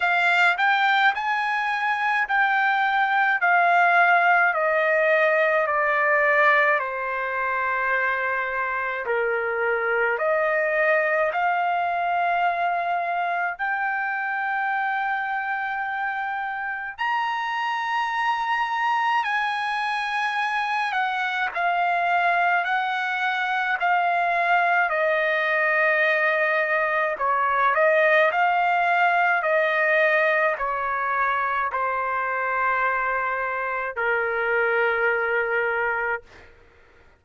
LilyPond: \new Staff \with { instrumentName = "trumpet" } { \time 4/4 \tempo 4 = 53 f''8 g''8 gis''4 g''4 f''4 | dis''4 d''4 c''2 | ais'4 dis''4 f''2 | g''2. ais''4~ |
ais''4 gis''4. fis''8 f''4 | fis''4 f''4 dis''2 | cis''8 dis''8 f''4 dis''4 cis''4 | c''2 ais'2 | }